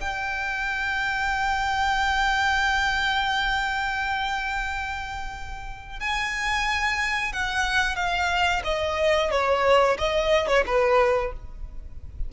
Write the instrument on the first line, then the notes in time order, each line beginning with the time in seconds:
violin
0.00 G5
5.99 G#5
7.32 F#5
7.95 F5
8.64 D#5
9.30 C#5
9.98 D#5
10.47 C#5
10.65 B4